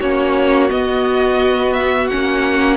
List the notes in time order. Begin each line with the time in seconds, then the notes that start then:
0.00 A#3 C#4 F#4 C#5
0.69 B3 D#5
1.73 E5
2.08 C#4 F#5
2.14 A#3